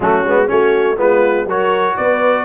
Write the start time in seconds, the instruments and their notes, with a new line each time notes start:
0.00 tuba F#3, trombone A3, horn C#4, trumpet F#4
0.24 tuba G#3, trombone B3
0.47 tuba A3, trombone C#4, horn F#4, trumpet C#5
0.96 tuba G#3, trombone B3, horn F4, trumpet B4
1.45 tuba F#3, trombone F#4, horn A#4, trumpet C#5
1.96 tuba B3, horn B4, trumpet D5